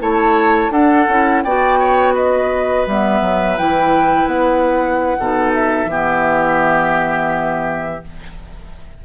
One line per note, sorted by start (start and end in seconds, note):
0.00 0.70 A3
0.00 0.71 E4
0.00 0.72 C#5
0.00 0.72 A5
0.70 1.06 D4
0.70 1.07 D4
0.70 1.44 A4
0.70 1.43 F#5
1.08 1.44 C#4
1.08 1.45 E4
1.44 2.87 B3
1.44 2.88 F#4
1.44 1.79 D5
1.44 2.15 G5
1.79 2.14 C#5
2.14 5.18 B4
2.14 2.87 D#5
2.87 3.22 G3
2.87 3.58 B3
2.87 3.58 E5
3.22 3.57 F#3
3.58 4.26 E3
3.58 5.19 E4
3.58 4.28 G5
4.26 5.16 B3
4.26 5.53 F#5
5.19 5.85 B2
5.19 5.89 D#4
5.19 5.91 A4
5.54 8.04 E5
5.85 8.00 E3
5.85 8.03 B3
5.85 8.05 G4